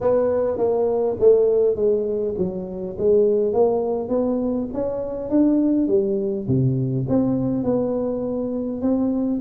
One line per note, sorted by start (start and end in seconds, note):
0.01 0.57 B3
0.57 1.16 A#3
1.19 1.75 A3
1.75 2.34 G#3
2.37 2.96 F#3
2.98 3.53 G#3
3.53 4.08 A#3
4.08 4.67 B3
4.73 5.29 C#4
5.29 5.87 D4
5.87 6.46 G3
6.47 7.06 C3
7.09 7.63 C4
7.63 8.81 B3
8.81 9.40 C4